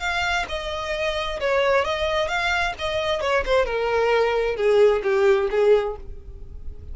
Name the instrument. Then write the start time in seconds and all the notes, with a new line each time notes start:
violin
0.00 F5
0.49 D#5
1.40 C#5
1.85 D#5
2.28 F5
2.79 D#5
3.21 C#5
3.46 C5
3.66 A#4
4.56 G#4
5.03 G4
5.51 G#4